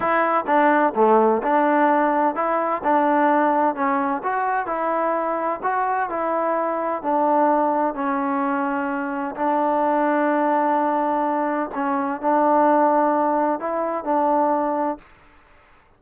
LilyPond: \new Staff \with { instrumentName = "trombone" } { \time 4/4 \tempo 4 = 128 e'4 d'4 a4 d'4~ | d'4 e'4 d'2 | cis'4 fis'4 e'2 | fis'4 e'2 d'4~ |
d'4 cis'2. | d'1~ | d'4 cis'4 d'2~ | d'4 e'4 d'2 | }